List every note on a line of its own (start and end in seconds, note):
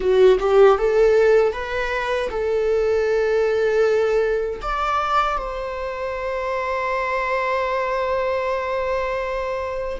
0.00 0.38 F#4
0.39 0.78 G4
0.78 1.52 A4
1.52 2.29 B4
2.30 4.60 A4
4.62 5.37 D5
5.37 9.99 C5